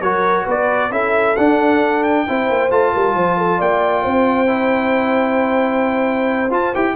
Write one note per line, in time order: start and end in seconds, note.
0.00 0.45 F#3
0.00 0.91 F#4
0.00 0.44 A#4
0.00 0.46 C#5
0.44 0.91 B3
0.44 0.89 B4
0.44 0.92 D5
0.91 1.35 C#4
0.91 1.36 E4
0.91 2.26 A4
0.91 1.36 E5
1.36 2.27 D4
1.36 2.03 F#5
2.03 2.70 G5
2.27 2.49 C4
2.27 2.70 E4
2.27 2.93 C5
2.49 2.71 A#3
2.70 2.93 A3
2.70 4.47 F4
2.70 3.61 A5
2.93 3.15 G3
2.93 3.15 A#4
3.15 3.60 F3
3.15 3.37 C5
3.37 3.58 A4
3.58 4.05 A#3
3.58 4.03 D5
3.58 6.52 G5
4.03 6.50 C4
4.03 6.94 C5
4.47 6.48 E4
6.50 6.73 F4
6.50 6.75 A5
6.74 6.96 E4
6.74 6.96 G4
6.74 6.96 G5